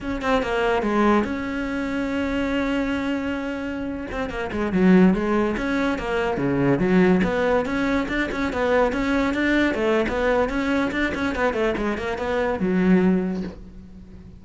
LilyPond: \new Staff \with { instrumentName = "cello" } { \time 4/4 \tempo 4 = 143 cis'8 c'8 ais4 gis4 cis'4~ | cis'1~ | cis'4.~ cis'16 c'8 ais8 gis8 fis8.~ | fis16 gis4 cis'4 ais4 cis8.~ |
cis16 fis4 b4 cis'4 d'8 cis'16~ | cis'16 b4 cis'4 d'4 a8. | b4 cis'4 d'8 cis'8 b8 a8 | gis8 ais8 b4 fis2 | }